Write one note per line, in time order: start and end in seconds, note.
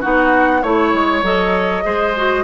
0.00 0.63 B3
0.00 0.62 D#4
0.00 0.61 F#4
0.00 0.62 F#5
0.62 0.93 A3
0.62 1.23 E4
0.62 1.23 C#5
0.62 1.83 C#5
0.94 1.22 G#3
1.22 1.83 F#3
1.22 1.83 A4
1.22 2.44 D#5
1.83 2.44 G#3
1.83 2.13 G#4
1.83 2.44 C5
2.16 2.44 F#4